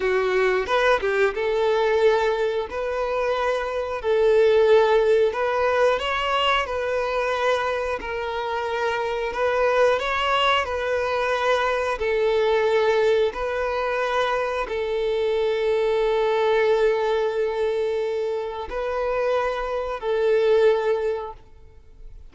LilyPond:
\new Staff \with { instrumentName = "violin" } { \time 4/4 \tempo 4 = 90 fis'4 b'8 g'8 a'2 | b'2 a'2 | b'4 cis''4 b'2 | ais'2 b'4 cis''4 |
b'2 a'2 | b'2 a'2~ | a'1 | b'2 a'2 | }